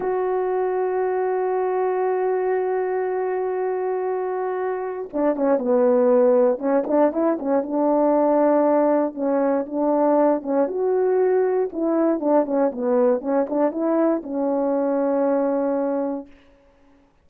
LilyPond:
\new Staff \with { instrumentName = "horn" } { \time 4/4 \tempo 4 = 118 fis'1~ | fis'1~ | fis'2 d'8 cis'8 b4~ | b4 cis'8 d'8 e'8 cis'8 d'4~ |
d'2 cis'4 d'4~ | d'8 cis'8 fis'2 e'4 | d'8 cis'8 b4 cis'8 d'8 e'4 | cis'1 | }